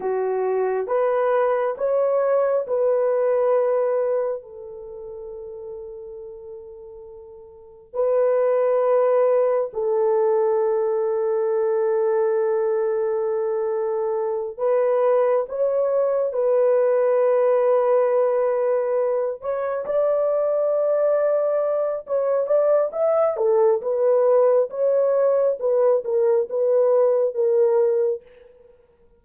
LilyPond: \new Staff \with { instrumentName = "horn" } { \time 4/4 \tempo 4 = 68 fis'4 b'4 cis''4 b'4~ | b'4 a'2.~ | a'4 b'2 a'4~ | a'1~ |
a'8 b'4 cis''4 b'4.~ | b'2 cis''8 d''4.~ | d''4 cis''8 d''8 e''8 a'8 b'4 | cis''4 b'8 ais'8 b'4 ais'4 | }